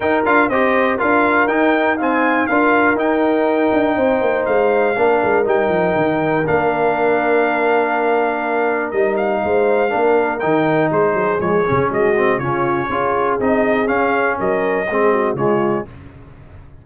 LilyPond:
<<
  \new Staff \with { instrumentName = "trumpet" } { \time 4/4 \tempo 4 = 121 g''8 f''8 dis''4 f''4 g''4 | gis''4 f''4 g''2~ | g''4 f''2 g''4~ | g''4 f''2.~ |
f''2 dis''8 f''4.~ | f''4 g''4 c''4 cis''4 | dis''4 cis''2 dis''4 | f''4 dis''2 cis''4 | }
  \new Staff \with { instrumentName = "horn" } { \time 4/4 ais'4 c''4 ais'2 | f''4 ais'2. | c''2 ais'2~ | ais'1~ |
ais'2. c''4 | ais'2 gis'2 | fis'4 f'4 gis'2~ | gis'4 ais'4 gis'8 fis'8 f'4 | }
  \new Staff \with { instrumentName = "trombone" } { \time 4/4 dis'8 f'8 g'4 f'4 dis'4 | c'4 f'4 dis'2~ | dis'2 d'4 dis'4~ | dis'4 d'2.~ |
d'2 dis'2 | d'4 dis'2 gis8 cis'8~ | cis'8 c'8 cis'4 f'4 dis'4 | cis'2 c'4 gis4 | }
  \new Staff \with { instrumentName = "tuba" } { \time 4/4 dis'8 d'8 c'4 d'4 dis'4~ | dis'4 d'4 dis'4. d'8 | c'8 ais8 gis4 ais8 gis8 g8 f8 | dis4 ais2.~ |
ais2 g4 gis4 | ais4 dis4 gis8 fis8 f8 cis8 | gis4 cis4 cis'4 c'4 | cis'4 fis4 gis4 cis4 | }
>>